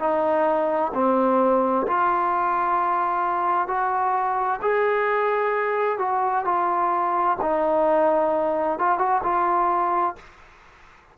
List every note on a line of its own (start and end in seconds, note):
0.00 0.92 D#4
0.94 1.87 C4
1.88 3.68 F4
3.68 4.60 F#4
4.62 5.99 G#4
5.99 6.45 F#4
6.45 7.37 F4
7.42 8.79 D#4
8.79 8.99 F4
8.99 9.22 F#4
9.23 10.16 F4